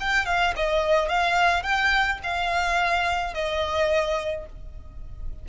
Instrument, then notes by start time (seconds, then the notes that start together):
violin
0.00 G5
0.26 F5
0.56 D#5
1.09 F5
1.63 G5
2.23 F5
3.34 D#5